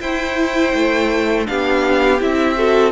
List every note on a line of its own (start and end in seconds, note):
0.00 0.73 E4
0.00 1.46 E4
0.00 1.47 C5
0.00 1.47 G5
0.74 1.47 A3
1.46 2.20 B3
1.46 2.19 D4
1.46 2.57 G4
1.46 2.20 F5
2.20 2.91 C4
2.20 2.55 E4
2.20 2.91 E5
2.55 2.91 F#4
2.55 2.91 A4